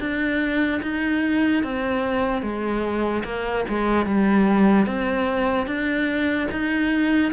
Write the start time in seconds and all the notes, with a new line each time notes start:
0.00 D4
0.82 D#4
1.63 C4
2.43 G#3
3.24 A#3
3.69 G#3
4.06 G3
4.86 C4
5.66 D4
6.52 D#4